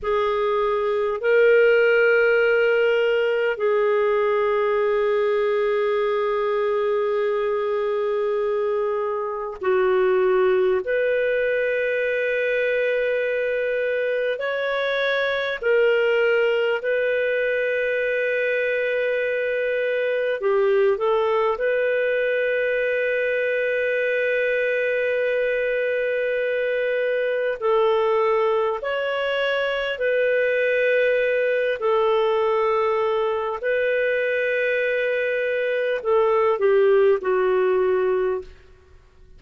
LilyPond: \new Staff \with { instrumentName = "clarinet" } { \time 4/4 \tempo 4 = 50 gis'4 ais'2 gis'4~ | gis'1 | fis'4 b'2. | cis''4 ais'4 b'2~ |
b'4 g'8 a'8 b'2~ | b'2. a'4 | cis''4 b'4. a'4. | b'2 a'8 g'8 fis'4 | }